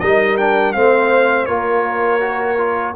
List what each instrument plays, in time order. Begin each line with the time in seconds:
0.00 tuba G3, trombone D#4, horn A#4, trumpet D#5
0.37 trombone D4, trumpet G5
0.73 tuba A3, trombone C4, horn C5, trumpet F5
1.46 tuba A#3, trombone F4, horn A#4, trumpet C#5
2.21 trombone F#4
2.58 trombone F4